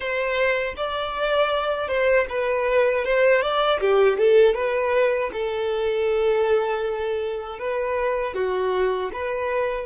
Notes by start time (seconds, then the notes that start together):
0.00 C5
0.76 D5
1.87 C5
2.29 B4
3.04 C5
3.41 D5
3.80 G4
4.18 A4
4.55 B4
5.32 A4
7.58 B4
8.34 F#4
9.13 B4